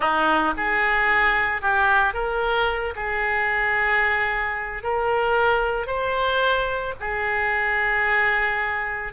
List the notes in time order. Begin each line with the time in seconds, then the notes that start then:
0.00 D#4
0.56 G#4
1.61 G4
2.13 A#4
2.95 G#4
4.83 A#4
5.86 C5
7.00 G#4